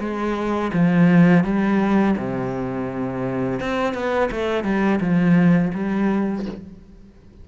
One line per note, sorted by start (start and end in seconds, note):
0.00 0.71 G#3
0.74 1.44 F3
1.44 2.16 G3
2.18 3.60 C3
3.60 3.94 C4
3.94 4.30 B3
4.32 4.64 A3
4.64 5.00 G3
5.01 5.72 F3
5.74 6.46 G3